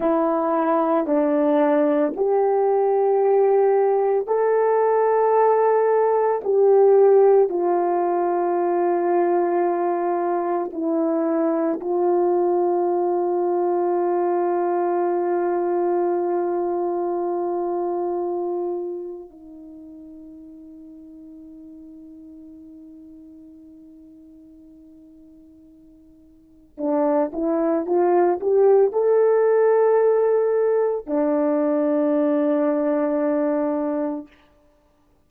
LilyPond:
\new Staff \with { instrumentName = "horn" } { \time 4/4 \tempo 4 = 56 e'4 d'4 g'2 | a'2 g'4 f'4~ | f'2 e'4 f'4~ | f'1~ |
f'2 dis'2~ | dis'1~ | dis'4 d'8 e'8 f'8 g'8 a'4~ | a'4 d'2. | }